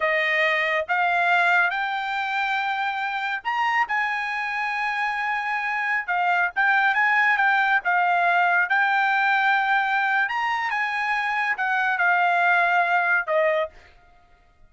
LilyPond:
\new Staff \with { instrumentName = "trumpet" } { \time 4/4 \tempo 4 = 140 dis''2 f''2 | g''1 | ais''4 gis''2.~ | gis''2~ gis''16 f''4 g''8.~ |
g''16 gis''4 g''4 f''4.~ f''16~ | f''16 g''2.~ g''8. | ais''4 gis''2 fis''4 | f''2. dis''4 | }